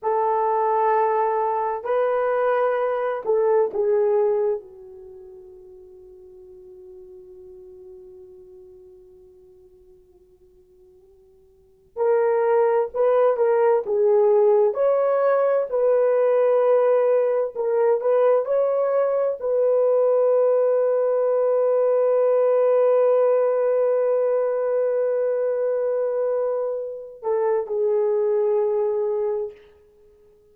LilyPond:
\new Staff \with { instrumentName = "horn" } { \time 4/4 \tempo 4 = 65 a'2 b'4. a'8 | gis'4 fis'2.~ | fis'1~ | fis'4 ais'4 b'8 ais'8 gis'4 |
cis''4 b'2 ais'8 b'8 | cis''4 b'2.~ | b'1~ | b'4. a'8 gis'2 | }